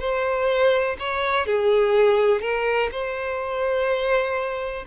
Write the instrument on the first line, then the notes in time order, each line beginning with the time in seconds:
violin
0.00 C5
1.00 C#5
1.46 G#4
2.41 A#4
2.92 C5